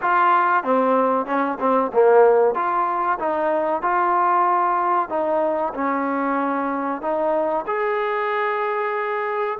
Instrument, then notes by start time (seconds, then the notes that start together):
trombone
0.01 F4
0.63 C4
1.26 C#4
1.60 C4
1.93 A#3
2.54 F4
3.19 D#4
3.82 F4
5.09 D#4
5.74 C#4
7.01 D#4
7.66 G#4